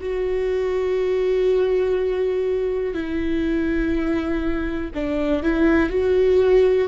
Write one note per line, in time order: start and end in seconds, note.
0.00 2.94 F#4
2.94 4.90 E4
4.94 5.42 D4
5.42 5.90 E4
5.90 6.88 F#4